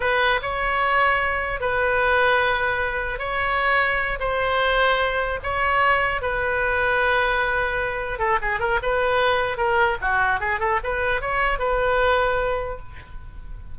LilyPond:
\new Staff \with { instrumentName = "oboe" } { \time 4/4 \tempo 4 = 150 b'4 cis''2. | b'1 | cis''2~ cis''8 c''4.~ | c''4. cis''2 b'8~ |
b'1~ | b'8 a'8 gis'8 ais'8 b'2 | ais'4 fis'4 gis'8 a'8 b'4 | cis''4 b'2. | }